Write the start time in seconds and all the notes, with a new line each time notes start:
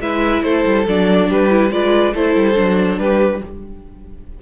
0.00 G#3 E4 B4 E5
0.43 A3 A4 C5
0.65 G3
0.87 F#3 D4 D5
1.29 G3 G4 B4
1.49 E4
1.71 G#3 F4 B4 D5
2.14 A3 E4 A4 C5
2.35 G3
2.54 F#3 D4
2.98 G3 G4 B4